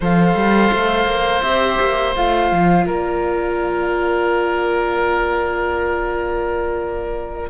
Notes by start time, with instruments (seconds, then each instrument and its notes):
0.00 cello F3, viola A4, oboe C5, flute F5
0.35 cello G3
0.72 cello A3
1.06 cello A#3
1.42 cello C4, viola G4, flute E5
1.80 cello A#3
2.15 cello A3, viola F4, flute F5
2.51 cello F3
2.86 cello A#3, oboe A#4, flute D5